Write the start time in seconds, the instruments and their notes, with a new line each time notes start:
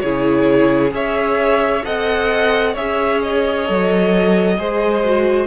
0.00 cello C#3, viola E4, violin G#4 C#5
0.90 cello C#4, viola G#4, violin C#5 E5
1.84 cello C4, viola A4, violin D#5 F#5
2.73 cello C#4, viola G#4, violin C#5 E5
3.22 violin D#5
3.66 cello F#3, viola A4
4.58 cello G#3, viola G#4, violin C5
5.04 viola F#4